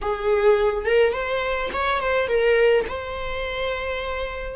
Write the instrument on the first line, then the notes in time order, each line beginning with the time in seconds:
viola
0.01 G#4
0.85 A#4
1.12 C5
1.73 C#5
2.00 C5
2.28 A#4
2.88 C5